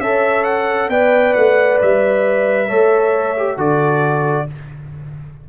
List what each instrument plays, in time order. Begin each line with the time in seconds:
0.00 tuba C#4, trombone A4, horn C#5, trumpet E5
0.44 trumpet F#5
0.89 tuba B3, trombone B4, horn D5, trumpet G5
1.34 tuba A3, trumpet F#5
1.82 tuba G3, trumpet E5
2.68 tuba A3, trombone A4, horn C#5
3.37 trombone G4
3.57 tuba D3, trombone F#4, horn A4, trumpet D5